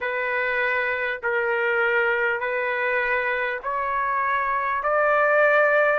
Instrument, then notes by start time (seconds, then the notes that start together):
trumpet
0.00 B4
1.23 A#4
2.39 B4
3.63 C#5
4.83 D5